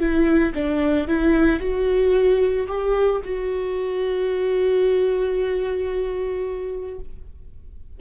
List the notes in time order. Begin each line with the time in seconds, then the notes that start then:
0.00 E4
0.55 D4
1.08 E4
1.61 F#4
2.68 G4
3.25 F#4